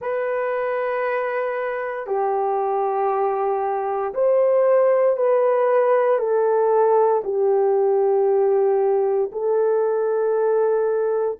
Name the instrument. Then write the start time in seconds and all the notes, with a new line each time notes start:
horn
0.00 B4
2.06 G4
4.14 C5
5.16 B4
6.18 A4
7.24 G4
9.32 A4